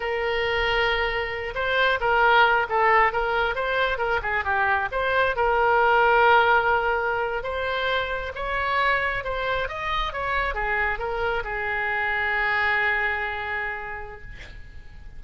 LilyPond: \new Staff \with { instrumentName = "oboe" } { \time 4/4 \tempo 4 = 135 ais'2.~ ais'8 c''8~ | c''8 ais'4. a'4 ais'4 | c''4 ais'8 gis'8 g'4 c''4 | ais'1~ |
ais'8. c''2 cis''4~ cis''16~ | cis''8. c''4 dis''4 cis''4 gis'16~ | gis'8. ais'4 gis'2~ gis'16~ | gis'1 | }